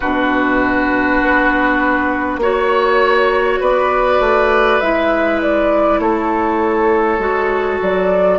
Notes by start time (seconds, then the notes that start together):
0.00 B2 D4 F#4 B4
1.22 B3
2.37 A#3 F#4 C#5
3.60 B3 B4 D5
4.20 A3
4.79 G#3 E4 E5
5.41 D5
5.98 A3 A4 C#5
7.18 G#3 F#4
7.81 F#3 D5